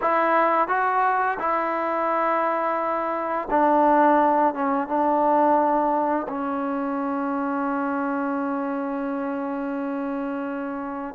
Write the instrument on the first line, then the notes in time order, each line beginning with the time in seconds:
trombone
0.01 E4
0.68 F#4
1.39 E4
3.50 D4
4.54 C#4
4.87 D4
6.28 C#4